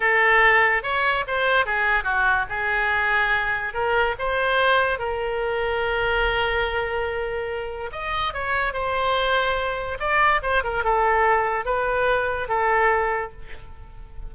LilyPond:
\new Staff \with { instrumentName = "oboe" } { \time 4/4 \tempo 4 = 144 a'2 cis''4 c''4 | gis'4 fis'4 gis'2~ | gis'4 ais'4 c''2 | ais'1~ |
ais'2. dis''4 | cis''4 c''2. | d''4 c''8 ais'8 a'2 | b'2 a'2 | }